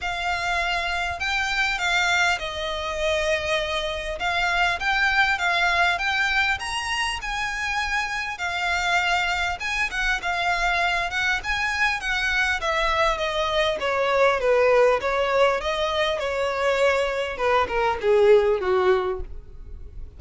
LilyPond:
\new Staff \with { instrumentName = "violin" } { \time 4/4 \tempo 4 = 100 f''2 g''4 f''4 | dis''2. f''4 | g''4 f''4 g''4 ais''4 | gis''2 f''2 |
gis''8 fis''8 f''4. fis''8 gis''4 | fis''4 e''4 dis''4 cis''4 | b'4 cis''4 dis''4 cis''4~ | cis''4 b'8 ais'8 gis'4 fis'4 | }